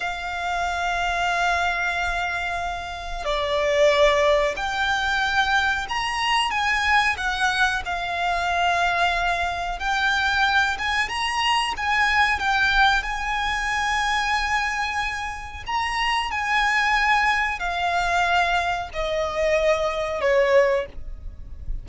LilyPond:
\new Staff \with { instrumentName = "violin" } { \time 4/4 \tempo 4 = 92 f''1~ | f''4 d''2 g''4~ | g''4 ais''4 gis''4 fis''4 | f''2. g''4~ |
g''8 gis''8 ais''4 gis''4 g''4 | gis''1 | ais''4 gis''2 f''4~ | f''4 dis''2 cis''4 | }